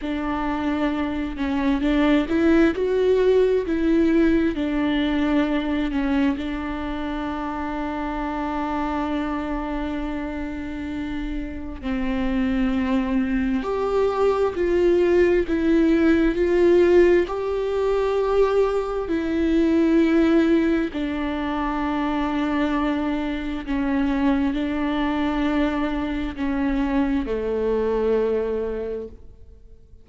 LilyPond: \new Staff \with { instrumentName = "viola" } { \time 4/4 \tempo 4 = 66 d'4. cis'8 d'8 e'8 fis'4 | e'4 d'4. cis'8 d'4~ | d'1~ | d'4 c'2 g'4 |
f'4 e'4 f'4 g'4~ | g'4 e'2 d'4~ | d'2 cis'4 d'4~ | d'4 cis'4 a2 | }